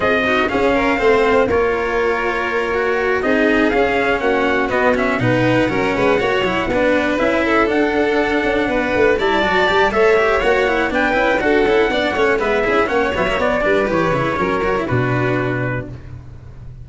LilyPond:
<<
  \new Staff \with { instrumentName = "trumpet" } { \time 4/4 \tempo 4 = 121 dis''4 f''2 cis''4~ | cis''2~ cis''8 dis''4 f''8~ | f''8 fis''4 dis''8 e''8 fis''4.~ | fis''2~ fis''8 e''4 fis''8~ |
fis''2~ fis''8 a''4. | e''4 fis''4 g''4 fis''4~ | fis''4 e''4 fis''8 e''8 d''4 | cis''2 b'2 | }
  \new Staff \with { instrumentName = "violin" } { \time 4/4 gis'8 fis'8 gis'8 ais'8 c''4 ais'4~ | ais'2~ ais'8 gis'4.~ | gis'8 fis'2 b'4 ais'8 | b'8 cis''4 b'4. a'4~ |
a'4. b'4 d''4. | cis''2 b'4 a'4 | d''8 cis''8 b'8 gis'8 cis''4. b'8~ | b'4 ais'4 fis'2 | }
  \new Staff \with { instrumentName = "cello" } { \time 4/4 f'8 dis'8 cis'4 c'4 f'4~ | f'4. fis'4 dis'4 cis'8~ | cis'4. b8 cis'8 dis'4 cis'8~ | cis'8 fis'8 e'8 d'4 e'4 d'8~ |
d'2~ d'8 e'8 fis'8 g'8 | a'8 g'8 fis'8 e'8 d'8 e'8 fis'8 e'8 | d'8 cis'8 b8 e'8 cis'8 b16 ais16 b8 d'8 | g'8 e'8 cis'8 fis'16 e'16 d'2 | }
  \new Staff \with { instrumentName = "tuba" } { \time 4/4 c'4 cis'4 a4 ais4~ | ais2~ ais8 c'4 cis'8~ | cis'8 ais4 b4 b,4 fis8 | gis8 ais8 fis8 b4 cis'4 d'8~ |
d'4 cis'8 b8 a8 g8 fis8 g8 | a4 ais4 b8 cis'8 d'8 cis'8 | b8 a8 gis8 cis'8 ais8 fis8 b8 g8 | e8 cis8 fis4 b,2 | }
>>